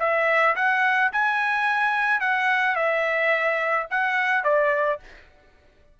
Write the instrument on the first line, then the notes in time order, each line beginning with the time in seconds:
trumpet
0.00 E5
0.56 F#5
1.13 G#5
2.21 F#5
2.76 E5
3.91 F#5
4.44 D5